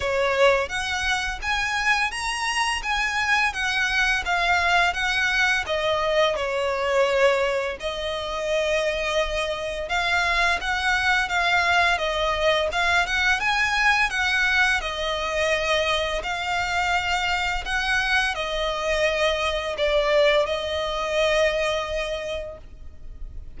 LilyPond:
\new Staff \with { instrumentName = "violin" } { \time 4/4 \tempo 4 = 85 cis''4 fis''4 gis''4 ais''4 | gis''4 fis''4 f''4 fis''4 | dis''4 cis''2 dis''4~ | dis''2 f''4 fis''4 |
f''4 dis''4 f''8 fis''8 gis''4 | fis''4 dis''2 f''4~ | f''4 fis''4 dis''2 | d''4 dis''2. | }